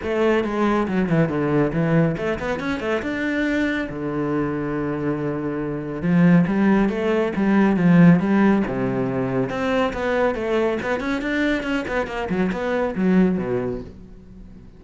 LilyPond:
\new Staff \with { instrumentName = "cello" } { \time 4/4 \tempo 4 = 139 a4 gis4 fis8 e8 d4 | e4 a8 b8 cis'8 a8 d'4~ | d'4 d2.~ | d2 f4 g4 |
a4 g4 f4 g4 | c2 c'4 b4 | a4 b8 cis'8 d'4 cis'8 b8 | ais8 fis8 b4 fis4 b,4 | }